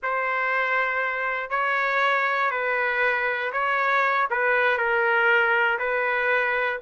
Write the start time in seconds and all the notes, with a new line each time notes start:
0.03 C5
1.50 C#5
2.50 B4
3.52 C#5
4.30 B4
4.77 A#4
5.78 B4